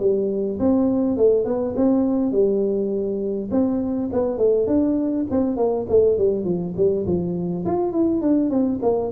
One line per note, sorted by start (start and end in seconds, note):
0.00 0.59 G3
0.60 1.17 C4
1.17 1.45 A3
1.45 1.75 B3
1.76 2.32 C4
2.32 3.50 G3
3.51 4.10 C4
4.13 4.38 B3
4.38 4.67 A3
4.67 5.26 D4
5.31 5.57 C4
5.57 5.86 A#3
5.89 6.18 A3
6.18 6.45 G3
6.45 6.74 F3
6.77 7.06 G3
7.06 7.65 F3
7.65 7.93 F4
7.93 8.22 E4
8.22 8.50 D4
8.50 8.80 C4
8.83 9.11 A#3